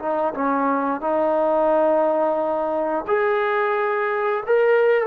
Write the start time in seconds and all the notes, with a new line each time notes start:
0.00 D#4
0.35 C#4
1.01 D#4
3.08 G#4
4.47 A#4